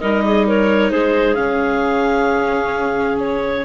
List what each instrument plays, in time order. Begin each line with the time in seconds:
0.00 bassoon G3, viola D#4, clarinet A#4 D#5
0.25 clarinet G#4
0.47 clarinet A#4 C#5
0.91 bassoon G#3, clarinet G#4 C5
1.35 bassoon C#3, viola C#4, clarinet F5
3.20 clarinet C#5